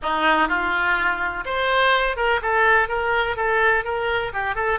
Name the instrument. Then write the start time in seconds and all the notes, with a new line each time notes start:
oboe
0.02 D#4
0.48 F4
1.45 C5
2.16 A#4
2.42 A4
2.88 A#4
3.36 A4
3.84 A#4
4.33 G4
4.55 A4